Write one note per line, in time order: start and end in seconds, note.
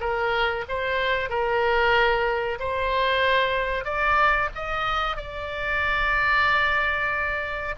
0.00 0.65 A#4
0.68 1.29 C5
1.29 2.58 A#4
2.59 3.84 C5
3.84 4.49 D5
4.55 5.17 D#5
5.17 7.75 D5